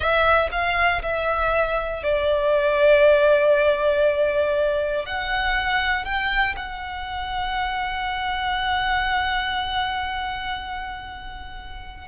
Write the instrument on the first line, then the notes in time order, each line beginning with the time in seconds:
violin
0.00 E5
0.51 F5
1.02 E5
2.03 D5
5.05 F#5
6.04 G5
6.56 F#5